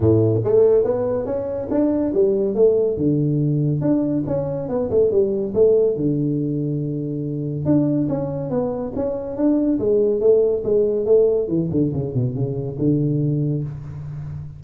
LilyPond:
\new Staff \with { instrumentName = "tuba" } { \time 4/4 \tempo 4 = 141 a,4 a4 b4 cis'4 | d'4 g4 a4 d4~ | d4 d'4 cis'4 b8 a8 | g4 a4 d2~ |
d2 d'4 cis'4 | b4 cis'4 d'4 gis4 | a4 gis4 a4 e8 d8 | cis8 b,8 cis4 d2 | }